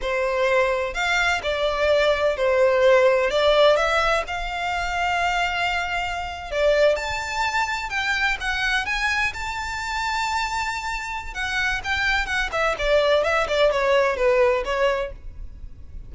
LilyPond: \new Staff \with { instrumentName = "violin" } { \time 4/4 \tempo 4 = 127 c''2 f''4 d''4~ | d''4 c''2 d''4 | e''4 f''2.~ | f''4.~ f''16 d''4 a''4~ a''16~ |
a''8. g''4 fis''4 gis''4 a''16~ | a''1 | fis''4 g''4 fis''8 e''8 d''4 | e''8 d''8 cis''4 b'4 cis''4 | }